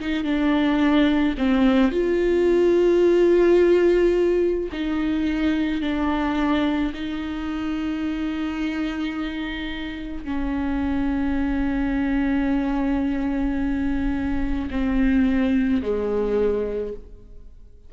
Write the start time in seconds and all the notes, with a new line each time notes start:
0.00 D#4
0.24 D4
1.38 C4
1.92 F4
4.73 D#4
5.82 D4
6.94 D#4
10.25 C#4
14.71 C4
15.82 G#3